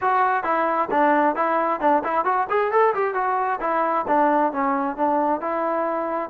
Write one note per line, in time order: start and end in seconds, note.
0.01 0.43 F#4
0.43 0.88 E4
0.90 1.35 D4
1.35 1.80 E4
1.80 2.02 D4
2.04 2.24 E4
2.24 2.47 F#4
2.49 2.71 G#4
2.71 2.94 A4
2.94 3.14 G4
3.14 3.59 F#4
3.60 4.05 E4
4.07 4.52 D4
4.52 4.96 C#4
4.96 5.40 D4
5.40 6.30 E4